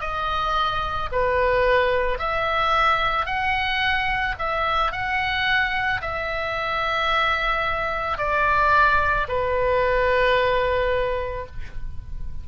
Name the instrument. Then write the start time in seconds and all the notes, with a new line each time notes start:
oboe
0.00 D#5
1.12 B4
2.18 E5
3.25 F#5
4.38 E5
4.91 F#5
6.01 E5
8.18 D5
9.28 B4